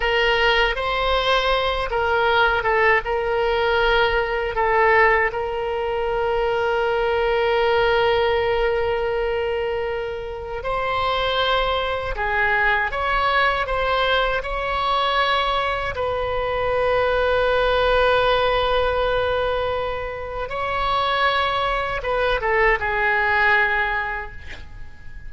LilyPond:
\new Staff \with { instrumentName = "oboe" } { \time 4/4 \tempo 4 = 79 ais'4 c''4. ais'4 a'8 | ais'2 a'4 ais'4~ | ais'1~ | ais'2 c''2 |
gis'4 cis''4 c''4 cis''4~ | cis''4 b'2.~ | b'2. cis''4~ | cis''4 b'8 a'8 gis'2 | }